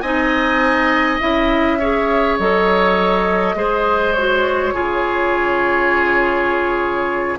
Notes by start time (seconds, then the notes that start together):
0.00 C4 D#4 D#5 G#5
1.20 C#4 E4 E5
1.78 G#4 C#5
2.38 F#3 A4 D#5
3.55 G#3 G#4 C5
4.13 F#4 C#5
4.73 C#3 F4 G#4